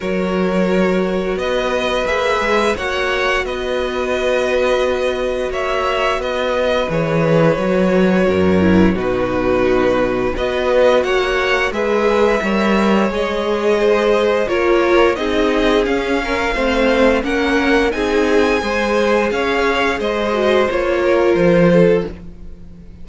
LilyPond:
<<
  \new Staff \with { instrumentName = "violin" } { \time 4/4 \tempo 4 = 87 cis''2 dis''4 e''4 | fis''4 dis''2. | e''4 dis''4 cis''2~ | cis''4 b'2 dis''4 |
fis''4 e''2 dis''4~ | dis''4 cis''4 dis''4 f''4~ | f''4 fis''4 gis''2 | f''4 dis''4 cis''4 c''4 | }
  \new Staff \with { instrumentName = "violin" } { \time 4/4 ais'2 b'2 | cis''4 b'2. | cis''4 b'2. | ais'4 fis'2 b'4 |
cis''4 b'4 cis''2 | c''4 ais'4 gis'4. ais'8 | c''4 ais'4 gis'4 c''4 | cis''4 c''4. ais'4 a'8 | }
  \new Staff \with { instrumentName = "viola" } { \time 4/4 fis'2. gis'4 | fis'1~ | fis'2 gis'4 fis'4~ | fis'8 e'8 dis'2 fis'4~ |
fis'4 gis'4 ais'4 gis'4~ | gis'4 f'4 dis'4 cis'4 | c'4 cis'4 dis'4 gis'4~ | gis'4. fis'8 f'2 | }
  \new Staff \with { instrumentName = "cello" } { \time 4/4 fis2 b4 ais8 gis8 | ais4 b2. | ais4 b4 e4 fis4 | fis,4 b,2 b4 |
ais4 gis4 g4 gis4~ | gis4 ais4 c'4 cis'4 | a4 ais4 c'4 gis4 | cis'4 gis4 ais4 f4 | }
>>